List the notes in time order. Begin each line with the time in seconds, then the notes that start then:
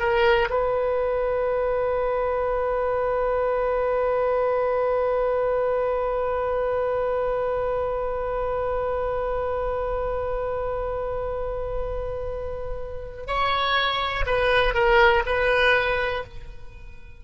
0.00 A#4
0.50 B4
13.27 C#5
14.27 B4
14.75 A#4
15.26 B4